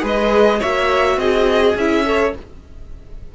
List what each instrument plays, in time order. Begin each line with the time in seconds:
0.00 cello G#3, viola G#4, violin B4
0.06 violin D#5
0.59 cello A#3, viola F#4, violin C#5 E5
1.17 cello C4, violin G#4 D#5
1.75 cello C#4, viola E4, violin E5
2.05 viola A4, violin C#5